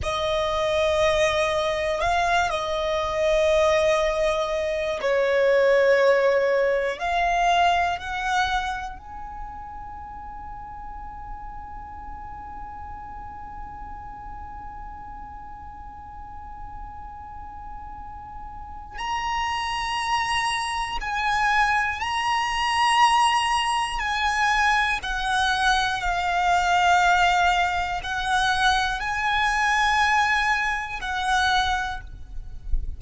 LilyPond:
\new Staff \with { instrumentName = "violin" } { \time 4/4 \tempo 4 = 60 dis''2 f''8 dis''4.~ | dis''4 cis''2 f''4 | fis''4 gis''2.~ | gis''1~ |
gis''2. ais''4~ | ais''4 gis''4 ais''2 | gis''4 fis''4 f''2 | fis''4 gis''2 fis''4 | }